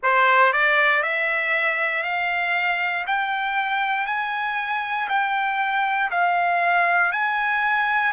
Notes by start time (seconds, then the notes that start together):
0.02 C5
0.52 D5
1.03 E5
2.03 F5
3.06 G5
4.06 G#5
5.08 G5
6.10 F5
7.12 G#5